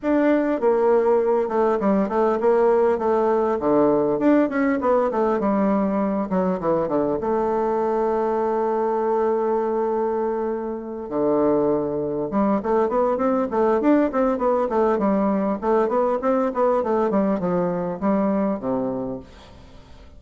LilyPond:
\new Staff \with { instrumentName = "bassoon" } { \time 4/4 \tempo 4 = 100 d'4 ais4. a8 g8 a8 | ais4 a4 d4 d'8 cis'8 | b8 a8 g4. fis8 e8 d8 | a1~ |
a2~ a8 d4.~ | d8 g8 a8 b8 c'8 a8 d'8 c'8 | b8 a8 g4 a8 b8 c'8 b8 | a8 g8 f4 g4 c4 | }